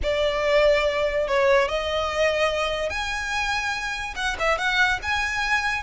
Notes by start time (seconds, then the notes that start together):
0.02 D5
1.27 C#5
1.68 D#5
2.89 G#5
4.15 F#5
4.39 E5
4.58 F#5
5.02 G#5